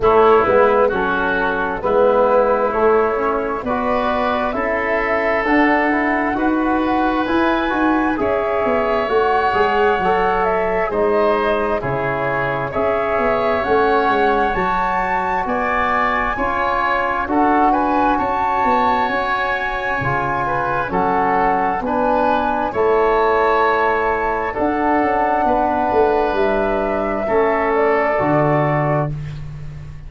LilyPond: <<
  \new Staff \with { instrumentName = "flute" } { \time 4/4 \tempo 4 = 66 cis''8 b'8 a'4 b'4 cis''4 | d''4 e''4 fis''2 | gis''4 e''4 fis''4. e''8 | dis''4 cis''4 e''4 fis''4 |
a''4 gis''2 fis''8 gis''8 | a''4 gis''2 fis''4 | gis''4 a''2 fis''4~ | fis''4 e''4. d''4. | }
  \new Staff \with { instrumentName = "oboe" } { \time 4/4 e'4 fis'4 e'2 | b'4 a'2 b'4~ | b'4 cis''2. | c''4 gis'4 cis''2~ |
cis''4 d''4 cis''4 a'8 b'8 | cis''2~ cis''8 b'8 a'4 | b'4 cis''2 a'4 | b'2 a'2 | }
  \new Staff \with { instrumentName = "trombone" } { \time 4/4 a8 b8 cis'4 b4 a8 cis'8 | fis'4 e'4 d'8 e'8 fis'4 | e'8 fis'8 gis'4 fis'8 gis'8 a'4 | dis'4 e'4 gis'4 cis'4 |
fis'2 f'4 fis'4~ | fis'2 f'4 cis'4 | d'4 e'2 d'4~ | d'2 cis'4 fis'4 | }
  \new Staff \with { instrumentName = "tuba" } { \time 4/4 a8 gis8 fis4 gis4 a4 | b4 cis'4 d'4 dis'4 | e'8 dis'8 cis'8 b8 a8 gis8 fis4 | gis4 cis4 cis'8 b8 a8 gis8 |
fis4 b4 cis'4 d'4 | cis'8 b8 cis'4 cis4 fis4 | b4 a2 d'8 cis'8 | b8 a8 g4 a4 d4 | }
>>